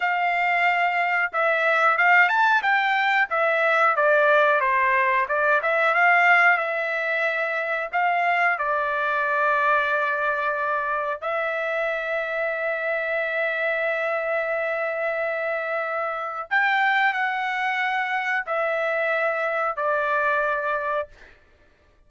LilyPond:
\new Staff \with { instrumentName = "trumpet" } { \time 4/4 \tempo 4 = 91 f''2 e''4 f''8 a''8 | g''4 e''4 d''4 c''4 | d''8 e''8 f''4 e''2 | f''4 d''2.~ |
d''4 e''2.~ | e''1~ | e''4 g''4 fis''2 | e''2 d''2 | }